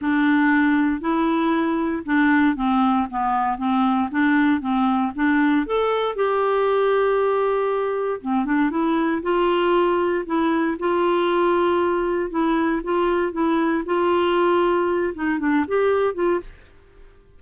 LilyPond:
\new Staff \with { instrumentName = "clarinet" } { \time 4/4 \tempo 4 = 117 d'2 e'2 | d'4 c'4 b4 c'4 | d'4 c'4 d'4 a'4 | g'1 |
c'8 d'8 e'4 f'2 | e'4 f'2. | e'4 f'4 e'4 f'4~ | f'4. dis'8 d'8 g'4 f'8 | }